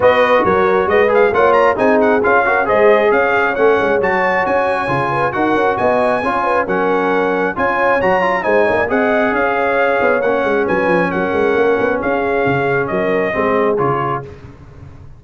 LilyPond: <<
  \new Staff \with { instrumentName = "trumpet" } { \time 4/4 \tempo 4 = 135 dis''4 cis''4 dis''8 f''8 fis''8 ais''8 | gis''8 fis''8 f''4 dis''4 f''4 | fis''4 a''4 gis''2 | fis''4 gis''2 fis''4~ |
fis''4 gis''4 ais''4 gis''4 | fis''4 f''2 fis''4 | gis''4 fis''2 f''4~ | f''4 dis''2 cis''4 | }
  \new Staff \with { instrumentName = "horn" } { \time 4/4 b'4 ais'4 b'4 cis''4 | gis'4. ais'8 c''4 cis''4~ | cis''2.~ cis''8 b'8 | ais'4 dis''4 cis''8 b'8 ais'4~ |
ais'4 cis''2 c''8 cis''16 d''16 | dis''4 cis''2. | b'4 ais'2 gis'4~ | gis'4 ais'4 gis'2 | }
  \new Staff \with { instrumentName = "trombone" } { \time 4/4 fis'2~ fis'8 gis'8 f'4 | dis'4 f'8 fis'8 gis'2 | cis'4 fis'2 f'4 | fis'2 f'4 cis'4~ |
cis'4 f'4 fis'8 f'8 dis'4 | gis'2. cis'4~ | cis'1~ | cis'2 c'4 f'4 | }
  \new Staff \with { instrumentName = "tuba" } { \time 4/4 b4 fis4 gis4 ais4 | c'4 cis'4 gis4 cis'4 | a8 gis8 fis4 cis'4 cis4 | dis'8 cis'8 b4 cis'4 fis4~ |
fis4 cis'4 fis4 gis8 ais8 | c'4 cis'4. b8 ais8 gis8 | fis8 f8 fis8 gis8 ais8 b8 cis'4 | cis4 fis4 gis4 cis4 | }
>>